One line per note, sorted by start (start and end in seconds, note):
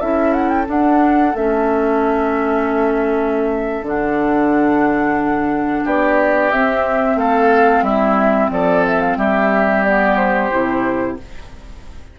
0.00 0.68 C#4
0.00 0.66 E4
0.00 5.83 A4
0.00 0.33 E5
0.33 0.49 F#5
0.49 0.66 G5
0.66 1.32 D4
0.66 1.34 D4
0.66 1.36 F#5
1.34 3.82 A3
1.34 3.84 C#4
1.34 3.86 E5
3.82 5.82 D3
3.82 6.51 D4
3.82 5.87 F#5
5.83 6.52 B3
5.83 7.17 G4
5.83 6.51 D5
6.51 7.16 C4
6.51 9.85 C4
6.51 7.18 E5
7.16 7.82 A3
7.16 7.84 A4
7.16 7.83 F5
7.82 8.49 G3
7.82 8.51 E4
7.82 8.50 E5
8.50 9.17 F3
8.50 9.18 A4
8.50 8.85 D5
8.87 9.01 E5
9.01 9.17 F5
9.17 10.50 G3
9.17 11.18 G4
9.17 9.84 E5
9.84 10.51 B3
9.84 10.16 D5
10.16 11.16 C5
10.51 11.19 C3
10.51 11.17 E4